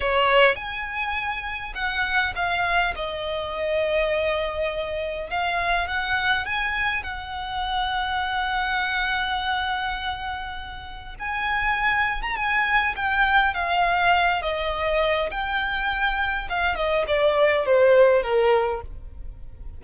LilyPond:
\new Staff \with { instrumentName = "violin" } { \time 4/4 \tempo 4 = 102 cis''4 gis''2 fis''4 | f''4 dis''2.~ | dis''4 f''4 fis''4 gis''4 | fis''1~ |
fis''2. gis''4~ | gis''8. ais''16 gis''4 g''4 f''4~ | f''8 dis''4. g''2 | f''8 dis''8 d''4 c''4 ais'4 | }